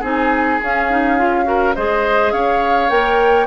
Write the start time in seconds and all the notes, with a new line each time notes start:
0.00 C4 D#4 G#4 G#5
0.62 C#4 F5
0.90 D#4
1.18 F4
1.44 F#4 A#4
1.75 G#3 G#4 C5 D#5
2.32 C#4 C#5 F5
2.89 A#3 A#4 G5